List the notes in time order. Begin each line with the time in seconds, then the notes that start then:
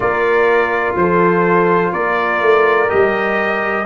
0.00 A#3 F4 A#4 D5
0.95 F3 A4 C5
1.92 A#3 A#4 D5
2.41 A3
2.88 G3 G4 D#5